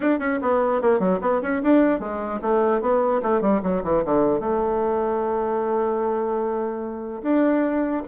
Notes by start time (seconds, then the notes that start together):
0.00 D4
0.19 C#4
0.41 B3
0.81 A#3
0.99 F#3
1.21 B3
1.41 C#4
1.63 D4
1.99 G#3
2.41 A3
2.81 B3
3.22 A3
3.41 G3
3.62 F#3
3.83 E3
4.04 D3
4.40 A3
7.22 D4